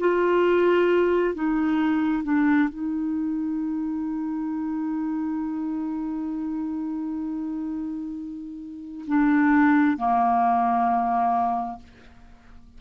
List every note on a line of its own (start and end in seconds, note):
0.00 1.35 F4
1.35 2.24 D#4
2.24 2.69 D4
2.69 9.05 D#4
9.07 9.98 D4
9.98 11.79 A#3